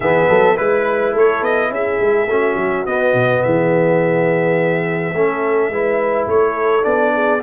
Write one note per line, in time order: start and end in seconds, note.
0.00 0.25 E3
0.00 0.56 B3
0.00 0.28 G#4
0.00 0.57 E5
0.29 0.58 F#3
0.29 0.56 A4
0.56 1.14 G#3
0.56 2.27 E4
0.56 1.11 B4
0.56 1.14 B4
1.11 1.41 A3
1.11 1.69 A4
1.11 1.43 C#5
1.41 1.70 B3
1.41 1.72 D#5
1.70 1.98 C#4
1.70 2.29 G#4
1.70 2.86 E5
2.00 2.26 G#3
2.26 2.55 A3
2.26 2.86 C#4
2.26 3.44 F#4
2.56 2.85 F#3
2.86 3.13 B3
2.86 5.14 B3
2.86 3.42 D#5
3.13 3.42 B2
3.42 5.13 E3
3.42 5.15 G#4
3.42 6.28 E5
5.13 5.69 A3
5.13 5.72 C#4
5.13 5.71 A4
5.69 6.26 G#3
5.69 6.82 E4
5.69 6.29 B4
6.27 6.84 A3
6.27 7.13 A4
6.27 6.84 C#5
6.82 7.42 B3
6.82 7.39 D4
6.82 7.41 D5
7.13 7.42 G#4